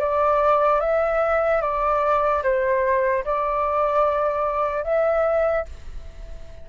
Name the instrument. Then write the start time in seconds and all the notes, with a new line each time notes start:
flute
0.00 D5
0.81 E5
1.62 D5
2.43 C5
3.25 D5
4.84 E5